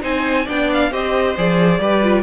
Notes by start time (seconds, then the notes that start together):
0.00 C4 D#4 C5 G#5
0.45 B3 D4 D5 G5
0.73 F5
0.91 C4 G4 C5 D#5
1.37 F3 G#4 D5
1.79 G3 G4 B4
2.03 F4